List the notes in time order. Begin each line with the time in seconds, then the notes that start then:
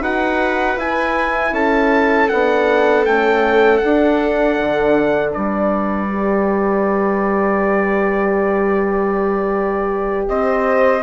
0.00 D#4 F#4 B4 F#5
0.76 E4 G#5
1.52 C#4 A4 A5
2.28 B3 D4 F#5
3.05 A3 C#4 G5
3.77 D4 F#5
4.59 D3
5.32 G3 B4 D5
6.09 G4
10.28 C4 C5 D#5